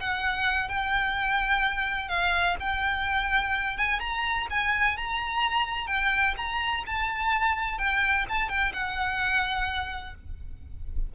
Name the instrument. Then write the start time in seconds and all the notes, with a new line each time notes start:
violin
0.00 F#5
0.68 G5
2.08 F5
2.59 G5
3.77 G#5
4.00 A#5
4.50 G#5
4.97 A#5
5.87 G5
6.37 A#5
6.86 A5
7.78 G5
8.29 A5
8.49 G5
8.73 F#5